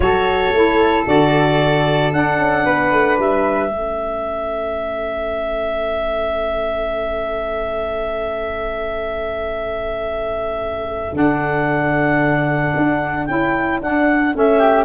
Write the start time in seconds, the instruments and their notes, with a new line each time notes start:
0.00 tuba F#3, saxophone F#4, flute A4, clarinet C#5
0.53 tuba A3, saxophone E4
1.06 tuba D3, saxophone F#4, clarinet D5
2.12 tuba D4, saxophone D4, clarinet F#5
2.38 tuba C#4
2.64 tuba B3, flute B4
2.92 tuba A3
3.19 tuba G3, clarinet E5
3.69 tuba A3, saxophone C#4, flute A4
11.12 tuba D3, saxophone D4, clarinet F#5
12.76 tuba D4
13.25 tuba C#4, saxophone E4, clarinet G5
13.81 tuba D4, saxophone D4, clarinet F#5
14.34 tuba A3, saxophone C#4, clarinet E5
14.58 flute G4